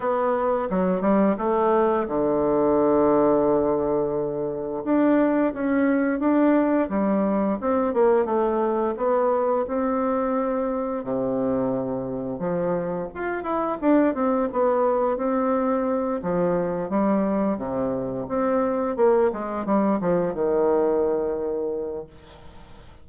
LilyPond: \new Staff \with { instrumentName = "bassoon" } { \time 4/4 \tempo 4 = 87 b4 fis8 g8 a4 d4~ | d2. d'4 | cis'4 d'4 g4 c'8 ais8 | a4 b4 c'2 |
c2 f4 f'8 e'8 | d'8 c'8 b4 c'4. f8~ | f8 g4 c4 c'4 ais8 | gis8 g8 f8 dis2~ dis8 | }